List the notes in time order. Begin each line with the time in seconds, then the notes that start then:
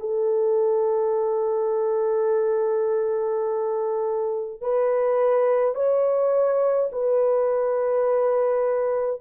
0.00 A4
4.62 B4
5.75 C#5
6.92 B4